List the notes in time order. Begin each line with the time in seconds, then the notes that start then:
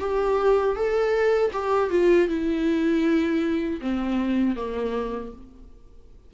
0.00 G4
0.76 A4
1.53 G4
1.90 F4
2.28 E4
3.81 C4
4.56 A#3